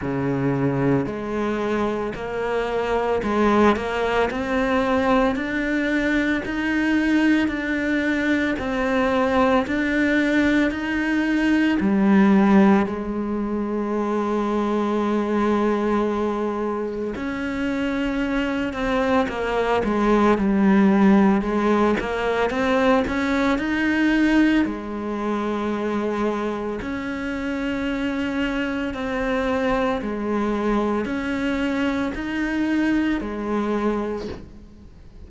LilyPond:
\new Staff \with { instrumentName = "cello" } { \time 4/4 \tempo 4 = 56 cis4 gis4 ais4 gis8 ais8 | c'4 d'4 dis'4 d'4 | c'4 d'4 dis'4 g4 | gis1 |
cis'4. c'8 ais8 gis8 g4 | gis8 ais8 c'8 cis'8 dis'4 gis4~ | gis4 cis'2 c'4 | gis4 cis'4 dis'4 gis4 | }